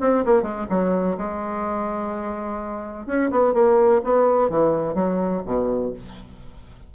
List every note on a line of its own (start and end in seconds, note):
0.00 0.24 C4
0.25 0.42 A#3
0.42 0.66 G#3
0.69 1.17 F#3
1.17 3.06 G#3
3.06 3.30 C#4
3.31 3.53 B3
3.53 4.01 A#3
4.04 4.49 B3
4.49 4.94 E3
4.94 5.42 F#3
5.45 5.93 B2